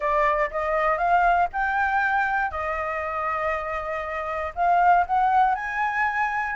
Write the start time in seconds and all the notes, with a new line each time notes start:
0.00 D5
0.50 D#5
0.97 F5
1.52 G5
2.51 D#5
4.55 F5
5.06 F#5
5.54 G#5